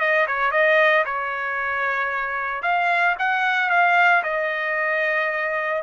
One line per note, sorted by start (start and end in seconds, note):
0.00 0.27 D#5
0.27 0.51 C#5
0.51 1.04 D#5
1.05 2.62 C#5
2.62 3.15 F5
3.19 3.70 F#5
3.70 4.23 F5
4.23 5.82 D#5